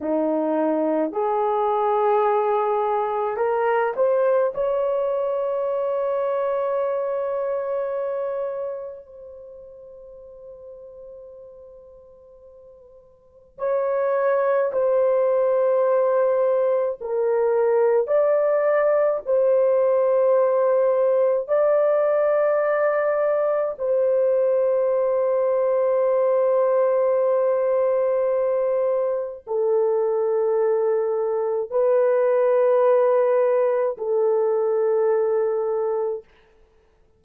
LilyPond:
\new Staff \with { instrumentName = "horn" } { \time 4/4 \tempo 4 = 53 dis'4 gis'2 ais'8 c''8 | cis''1 | c''1 | cis''4 c''2 ais'4 |
d''4 c''2 d''4~ | d''4 c''2.~ | c''2 a'2 | b'2 a'2 | }